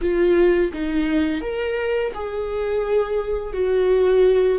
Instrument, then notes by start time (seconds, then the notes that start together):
viola
0.01 F4
0.73 D#4
1.41 A#4
2.14 G#4
3.53 F#4